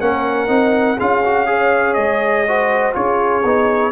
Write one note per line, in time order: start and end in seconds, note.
0.00 0.48 A#3
0.00 0.48 C#4
0.00 0.97 A#4
0.00 0.99 F#5
0.48 0.98 C4
0.48 0.97 D#4
0.97 1.97 C#4
0.97 1.24 F4
0.97 1.46 G#4
0.97 1.94 F5
1.24 1.46 F#4
1.46 2.44 G#4
1.46 2.48 C#5
1.94 2.95 G#3
1.94 2.92 D#5
2.48 2.92 F#4
2.48 2.95 C5
2.92 3.44 C#4
2.92 3.42 F4
2.92 3.91 G#4
2.92 3.91 C#5
3.44 3.91 B3
3.44 3.91 D#4